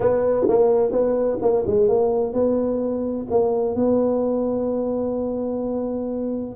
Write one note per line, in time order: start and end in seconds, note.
0.00 0.47 B3
0.48 0.91 A#3
0.91 1.38 B3
1.41 1.64 A#3
1.66 1.88 G#3
1.88 2.33 A#3
2.33 3.26 B3
3.30 3.75 A#3
3.75 6.55 B3